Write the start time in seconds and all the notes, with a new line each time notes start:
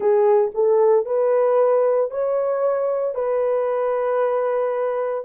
0.00 G#4
0.54 A4
1.05 B4
2.11 C#5
3.14 B4